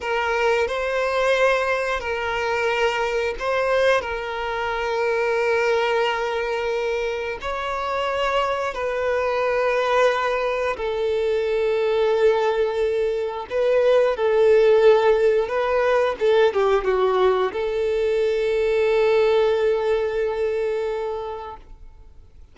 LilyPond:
\new Staff \with { instrumentName = "violin" } { \time 4/4 \tempo 4 = 89 ais'4 c''2 ais'4~ | ais'4 c''4 ais'2~ | ais'2. cis''4~ | cis''4 b'2. |
a'1 | b'4 a'2 b'4 | a'8 g'8 fis'4 a'2~ | a'1 | }